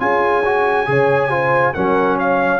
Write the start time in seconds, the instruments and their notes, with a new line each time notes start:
0.00 tuba C#4, trombone F4, horn G#4, trumpet G#5
0.45 trombone F#4
0.87 tuba C#3, trombone G#4, horn C#5
1.30 trombone F4, horn C5
1.74 tuba F#3, trombone C#4, horn A#4, trumpet F#5
2.19 horn C#5, trumpet F5